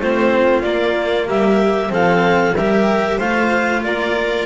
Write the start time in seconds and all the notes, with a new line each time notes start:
0.00 A3 C4 F4 C5
0.63 A#3 D5
1.28 G3 G4 E5
1.90 F3 C4 A4 F5
2.55 G3 G4 A#4 E5
3.18 A3 F4 C5 F5
3.84 A#3 A#4 D5